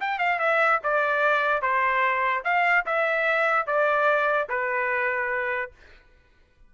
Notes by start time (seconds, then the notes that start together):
0.00 G5
0.18 F5
0.39 E5
0.83 D5
1.62 C5
2.44 F5
2.86 E5
3.67 D5
4.49 B4